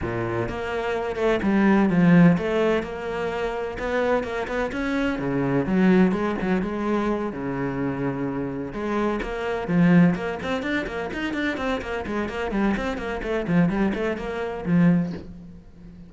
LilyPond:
\new Staff \with { instrumentName = "cello" } { \time 4/4 \tempo 4 = 127 ais,4 ais4. a8 g4 | f4 a4 ais2 | b4 ais8 b8 cis'4 cis4 | fis4 gis8 fis8 gis4. cis8~ |
cis2~ cis8 gis4 ais8~ | ais8 f4 ais8 c'8 d'8 ais8 dis'8 | d'8 c'8 ais8 gis8 ais8 g8 c'8 ais8 | a8 f8 g8 a8 ais4 f4 | }